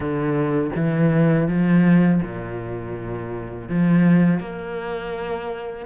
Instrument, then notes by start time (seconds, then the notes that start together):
cello
0.00 D3
0.75 E3
1.48 F3
2.23 A#2
3.69 F3
4.40 A#3